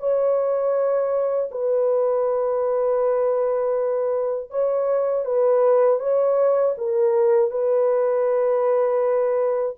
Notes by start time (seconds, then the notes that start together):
0.00 C#5
1.52 B4
4.51 C#5
5.25 B4
6.00 C#5
6.78 A#4
7.51 B4